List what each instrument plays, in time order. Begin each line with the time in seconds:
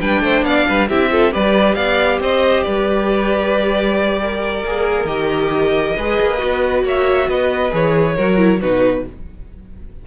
0.00 cello G3, viola D4, violin B4 G5
0.21 cello A3, violin C5
0.42 cello B3, violin D5 F5
0.67 cello G3, violin B4
0.89 cello C4, viola E4, violin G4 E5
1.10 viola F4, violin A4
1.32 cello G3, viola G4, violin B4 D5
1.75 cello B3, violin D5 F5
2.20 cello C4, violin C5 D#5
2.63 cello G3, violin B4 D5
4.20 violin A#4
4.64 cello A#3, viola G#4
5.04 cello D#3, viola G4, violin D#5
5.96 cello G#3, viola G#4, violin B4
6.20 cello A#3
6.38 cello B3, viola F#4
6.84 cello A#3, violin C#5 E5
7.28 cello B3, violin B4 D#5
7.71 cello E3, viola G#4, violin C#5
8.16 cello F#3, viola F#4, violin A#4
8.37 viola E4
8.61 cello B2, viola D#4, violin F#4 B4